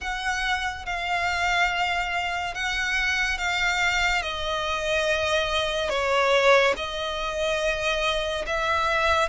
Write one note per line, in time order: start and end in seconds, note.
0.00 0.85 F#5
0.85 2.54 F5
2.54 3.38 F#5
3.38 4.22 F5
4.22 5.89 D#5
5.89 6.74 C#5
6.76 8.45 D#5
8.46 9.28 E5